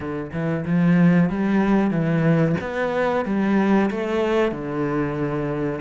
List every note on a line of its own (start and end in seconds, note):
0.00 0.31 D3
0.32 0.65 E3
0.65 1.29 F3
1.29 1.91 G3
1.91 2.55 E3
2.60 3.25 B3
3.25 3.89 G3
3.90 4.51 A3
4.51 5.80 D3